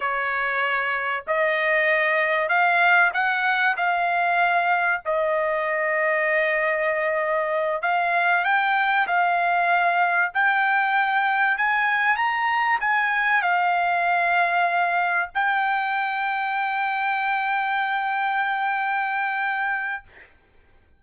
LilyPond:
\new Staff \with { instrumentName = "trumpet" } { \time 4/4 \tempo 4 = 96 cis''2 dis''2 | f''4 fis''4 f''2 | dis''1~ | dis''8 f''4 g''4 f''4.~ |
f''8 g''2 gis''4 ais''8~ | ais''8 gis''4 f''2~ f''8~ | f''8 g''2.~ g''8~ | g''1 | }